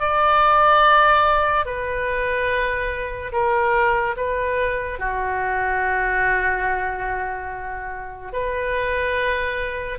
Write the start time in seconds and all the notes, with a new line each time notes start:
0.00 D5
1.66 B4
3.32 A#4
4.17 B4
4.99 F#4
8.33 B4